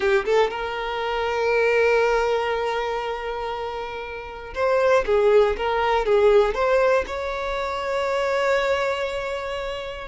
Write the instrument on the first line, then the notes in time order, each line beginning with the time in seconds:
violin
0.00 G4
0.25 A4
0.50 A#4
4.54 C5
5.06 G#4
5.57 A#4
6.05 G#4
6.54 C5
7.06 C#5